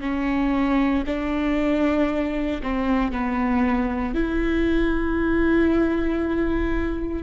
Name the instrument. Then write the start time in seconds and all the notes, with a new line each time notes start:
viola
0.00 C#4
1.06 D4
2.62 C4
3.11 B3
4.14 E4